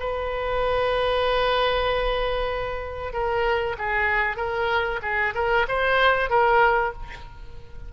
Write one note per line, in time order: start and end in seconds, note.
0.00 3.13 B4
3.13 3.76 A#4
3.78 4.37 G#4
4.37 5.00 A#4
5.03 5.34 G#4
5.35 5.66 A#4
5.68 6.30 C5
6.30 6.93 A#4